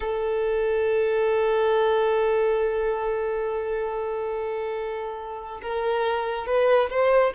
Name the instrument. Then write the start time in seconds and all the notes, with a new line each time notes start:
violin
0.00 A4
5.62 A#4
6.46 B4
6.89 C5